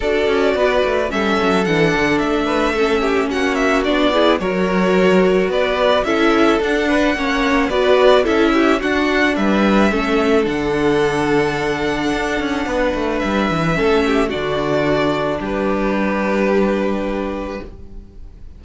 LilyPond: <<
  \new Staff \with { instrumentName = "violin" } { \time 4/4 \tempo 4 = 109 d''2 e''4 fis''4 | e''2 fis''8 e''8 d''4 | cis''2 d''4 e''4 | fis''2 d''4 e''4 |
fis''4 e''2 fis''4~ | fis''1 | e''2 d''2 | b'1 | }
  \new Staff \with { instrumentName = "violin" } { \time 4/4 a'4 b'4 a'2~ | a'8 b'8 a'8 g'8 fis'4. gis'8 | ais'2 b'4 a'4~ | a'8 b'8 cis''4 b'4 a'8 g'8 |
fis'4 b'4 a'2~ | a'2. b'4~ | b'4 a'8 g'8 fis'2 | g'1 | }
  \new Staff \with { instrumentName = "viola" } { \time 4/4 fis'2 cis'4 d'4~ | d'4 cis'2 d'8 e'8 | fis'2. e'4 | d'4 cis'4 fis'4 e'4 |
d'2 cis'4 d'4~ | d'1~ | d'4 cis'4 d'2~ | d'1 | }
  \new Staff \with { instrumentName = "cello" } { \time 4/4 d'8 cis'8 b8 a8 g8 fis8 e8 d8 | a2 ais4 b4 | fis2 b4 cis'4 | d'4 ais4 b4 cis'4 |
d'4 g4 a4 d4~ | d2 d'8 cis'8 b8 a8 | g8 e8 a4 d2 | g1 | }
>>